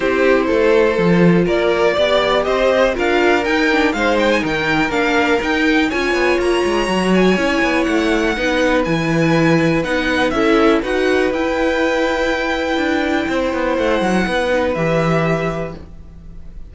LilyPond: <<
  \new Staff \with { instrumentName = "violin" } { \time 4/4 \tempo 4 = 122 c''2. d''4~ | d''4 dis''4 f''4 g''4 | f''8 g''16 gis''16 g''4 f''4 g''4 | gis''4 ais''4. gis''4. |
fis''2 gis''2 | fis''4 e''4 fis''4 g''4~ | g''1 | fis''2 e''2 | }
  \new Staff \with { instrumentName = "violin" } { \time 4/4 g'4 a'2 ais'4 | d''4 c''4 ais'2 | c''4 ais'2. | cis''1~ |
cis''4 b'2.~ | b'4 a'4 b'2~ | b'2. c''4~ | c''4 b'2. | }
  \new Staff \with { instrumentName = "viola" } { \time 4/4 e'2 f'2 | g'2 f'4 dis'8 d'8 | dis'2 d'4 dis'4 | f'2 fis'4 e'4~ |
e'4 dis'4 e'2 | dis'4 e'4 fis'4 e'4~ | e'1~ | e'4. dis'8 g'2 | }
  \new Staff \with { instrumentName = "cello" } { \time 4/4 c'4 a4 f4 ais4 | b4 c'4 d'4 dis'4 | gis4 dis4 ais4 dis'4 | cis'8 b8 ais8 gis8 fis4 cis'8 b8 |
a4 b4 e2 | b4 cis'4 dis'4 e'4~ | e'2 d'4 c'8 b8 | a8 fis8 b4 e2 | }
>>